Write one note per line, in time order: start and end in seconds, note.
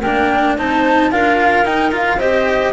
0.00 0.57 A#3
0.00 0.58 D4
0.00 0.54 A#4
0.00 0.56 G5
0.57 1.11 C4
0.57 1.11 D#4
0.57 1.12 C5
0.57 1.12 A5
1.11 1.64 D4
1.11 1.65 F4
1.11 2.18 A#4
1.11 1.65 F5
1.64 2.18 D#4
1.64 1.92 D#4
1.64 1.92 G5
1.92 2.19 F4
1.92 2.20 F5
2.18 2.72 C4
2.18 2.73 G4
2.18 2.72 C5
2.18 2.73 D#5